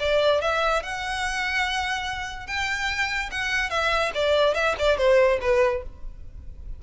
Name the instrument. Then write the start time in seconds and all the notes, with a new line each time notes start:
violin
0.00 D5
0.42 E5
0.83 F#5
2.47 G5
3.32 F#5
3.70 E5
4.15 D5
4.55 E5
4.79 D5
4.98 C5
5.42 B4